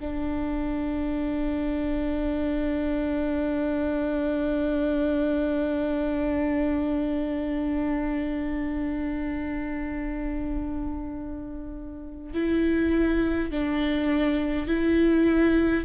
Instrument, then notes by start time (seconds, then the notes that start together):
viola
0.00 D4
12.33 E4
13.51 D4
14.67 E4